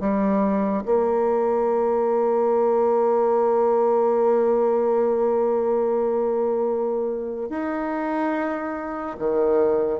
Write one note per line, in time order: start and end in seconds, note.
0.00 0.83 G3
0.85 7.49 A#3
7.49 9.16 D#4
9.19 10.00 D#3